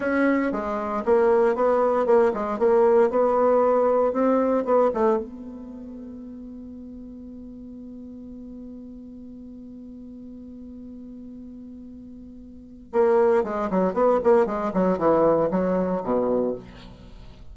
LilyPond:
\new Staff \with { instrumentName = "bassoon" } { \time 4/4 \tempo 4 = 116 cis'4 gis4 ais4 b4 | ais8 gis8 ais4 b2 | c'4 b8 a8 b2~ | b1~ |
b1~ | b1~ | b4 ais4 gis8 fis8 b8 ais8 | gis8 fis8 e4 fis4 b,4 | }